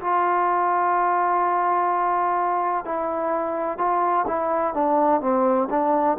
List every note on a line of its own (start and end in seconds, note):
0.00 2.84 F4
2.84 3.77 E4
3.77 4.25 F4
4.27 4.74 E4
4.74 5.20 D4
5.20 5.68 C4
5.70 6.17 D4